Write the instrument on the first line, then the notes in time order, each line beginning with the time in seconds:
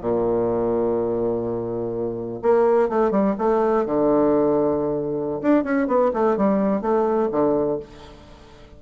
bassoon
0.00 A#2
2.42 A#3
2.89 A3
3.11 G3
3.38 A3
3.85 D3
5.42 D4
5.64 C#4
5.87 B3
6.13 A3
6.37 G3
6.81 A3
7.31 D3